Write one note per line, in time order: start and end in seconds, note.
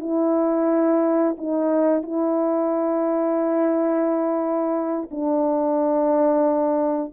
0.00 1.36 E4
1.38 2.03 D#4
2.03 5.10 E4
5.11 7.13 D4